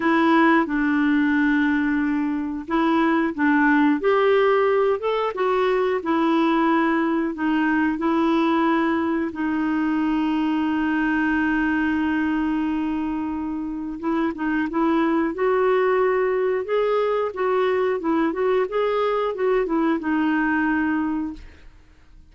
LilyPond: \new Staff \with { instrumentName = "clarinet" } { \time 4/4 \tempo 4 = 90 e'4 d'2. | e'4 d'4 g'4. a'8 | fis'4 e'2 dis'4 | e'2 dis'2~ |
dis'1~ | dis'4 e'8 dis'8 e'4 fis'4~ | fis'4 gis'4 fis'4 e'8 fis'8 | gis'4 fis'8 e'8 dis'2 | }